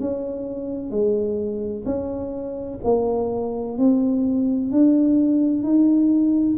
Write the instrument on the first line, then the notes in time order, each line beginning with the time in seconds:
tuba
0.00 C#4
0.91 G#3
1.85 C#4
2.84 A#3
3.78 C4
4.72 D4
5.63 D#4